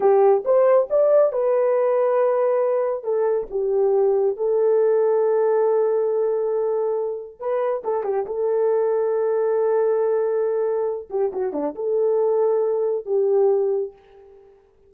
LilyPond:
\new Staff \with { instrumentName = "horn" } { \time 4/4 \tempo 4 = 138 g'4 c''4 d''4 b'4~ | b'2. a'4 | g'2 a'2~ | a'1~ |
a'4 b'4 a'8 g'8 a'4~ | a'1~ | a'4. g'8 fis'8 d'8 a'4~ | a'2 g'2 | }